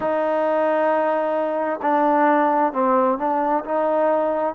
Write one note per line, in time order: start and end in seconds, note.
0.00 1.79 D#4
1.81 2.72 D4
2.72 3.18 C4
3.18 3.64 D4
3.64 4.54 D#4